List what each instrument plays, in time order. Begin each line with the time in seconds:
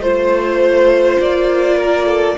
0.00 cello A3, viola F4, violin C5
1.20 cello A#3, violin D5
1.78 violin A#4
2.06 violin A4